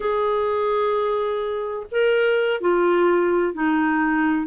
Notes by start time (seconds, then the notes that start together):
0.00 G#4
1.91 A#4
2.60 F4
3.53 D#4